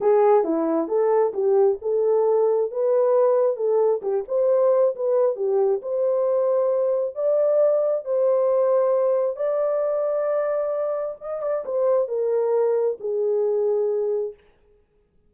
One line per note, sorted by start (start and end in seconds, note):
0.01 0.44 G#4
0.44 0.88 E4
0.88 1.32 A4
1.33 1.78 G4
1.81 2.71 A4
2.71 3.56 B4
3.56 4.01 A4
4.02 4.24 G4
4.28 4.95 C5
4.95 5.35 B4
5.35 5.80 G4
5.82 7.15 C5
7.15 8.04 D5
8.05 9.36 C5
9.36 11.15 D5
11.20 11.42 D#5
11.42 11.64 D5
11.65 12.08 C5
12.08 12.97 A#4
13.00 14.34 G#4